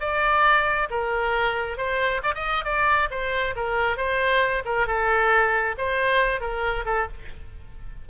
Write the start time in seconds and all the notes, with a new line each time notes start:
0.00 D5
0.90 A#4
1.77 C5
2.23 D5
2.34 D#5
2.65 D5
3.10 C5
3.55 A#4
3.97 C5
4.65 A#4
4.87 A4
5.77 C5
6.40 A#4
6.85 A4